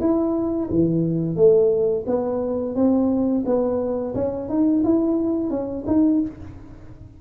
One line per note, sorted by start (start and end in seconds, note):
0.00 0.69 E4
0.70 1.36 E3
1.36 2.05 A3
2.06 2.75 B3
2.75 3.44 C4
3.45 4.14 B3
4.15 4.49 C#4
4.49 4.83 D#4
4.84 5.50 E4
5.50 5.84 C#4
5.87 6.21 D#4